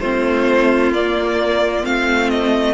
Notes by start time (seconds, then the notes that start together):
0.00 A3 C4 F4 C5
0.92 A#3 D5
1.84 A3 C4 F5
2.30 D#5